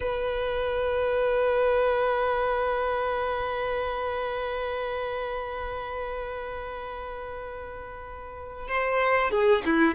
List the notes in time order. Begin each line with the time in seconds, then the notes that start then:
0.00 B4
8.68 C5
9.30 G#4
9.65 E4